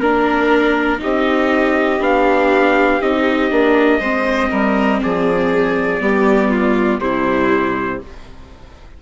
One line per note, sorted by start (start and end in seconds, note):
0.00 1.00 A#3
0.00 0.99 D4
0.00 1.00 A#4
0.00 1.01 A#4
0.99 2.00 C4
0.99 1.99 D#4
0.99 4.00 G4
0.99 2.03 D#5
2.00 3.00 B3
2.00 3.01 D4
2.00 3.02 F5
3.02 3.52 C4
3.02 3.51 D#4
3.02 5.02 D#5
3.51 4.00 A#3
3.51 4.01 D4
4.00 4.50 G#3
4.00 6.00 C4
4.00 4.50 C5
4.51 5.02 G3
4.51 5.01 A#4
5.03 6.01 F3
5.03 6.03 G#4
5.03 7.01 D5
6.00 7.00 G3
6.00 7.00 B3
6.00 6.51 G4
6.51 7.01 F4
7.00 8.00 C3
7.00 8.00 G3
7.00 8.03 E4
7.00 8.01 C5